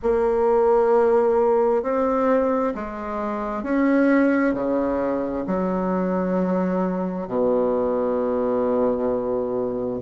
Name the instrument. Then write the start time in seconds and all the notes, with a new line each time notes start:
bassoon
0.02 A#3
1.82 C4
2.74 G#3
3.63 C#4
4.54 C#3
5.47 F#3
7.27 B2